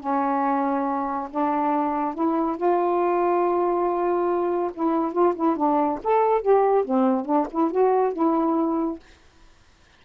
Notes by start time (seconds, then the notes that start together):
0.00 C#4
1.31 D4
2.14 E4
2.57 F4
4.74 E4
5.13 F4
5.35 E4
5.56 D4
6.04 A4
6.41 G4
6.85 C4
7.25 D4
7.51 E4
7.71 F#4
8.13 E4